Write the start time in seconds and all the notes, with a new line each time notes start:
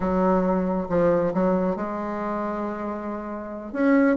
0.00 F#3
0.89 F3
1.34 F#3
1.76 G#3
3.72 C#4